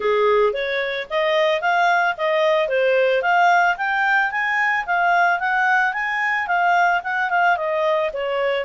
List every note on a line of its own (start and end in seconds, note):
0.00 0.53 G#4
0.53 1.07 C#5
1.10 1.61 D#5
1.61 2.15 F5
2.17 2.68 D#5
2.68 3.22 C5
3.22 3.76 F5
3.77 4.31 G5
4.31 4.85 G#5
4.86 5.39 F5
5.39 5.93 F#5
5.93 6.47 G#5
6.47 7.01 F5
7.03 7.30 F#5
7.30 7.56 F5
7.56 8.10 D#5
8.13 8.65 C#5